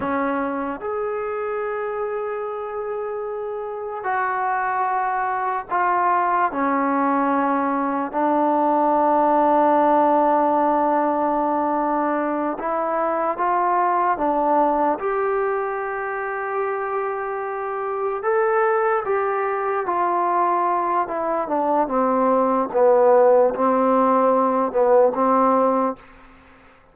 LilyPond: \new Staff \with { instrumentName = "trombone" } { \time 4/4 \tempo 4 = 74 cis'4 gis'2.~ | gis'4 fis'2 f'4 | cis'2 d'2~ | d'2.~ d'8 e'8~ |
e'8 f'4 d'4 g'4.~ | g'2~ g'8 a'4 g'8~ | g'8 f'4. e'8 d'8 c'4 | b4 c'4. b8 c'4 | }